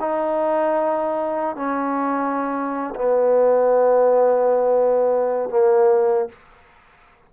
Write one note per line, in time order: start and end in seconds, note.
0.00 1.56 D#4
1.56 2.94 C#4
2.95 5.50 B3
5.50 6.29 A#3